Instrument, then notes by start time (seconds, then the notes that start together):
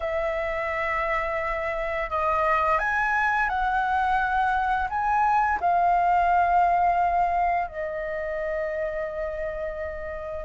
flute
0.00 E5
2.10 D#5
2.78 G#5
3.49 F#5
4.89 G#5
5.60 F5
7.67 D#5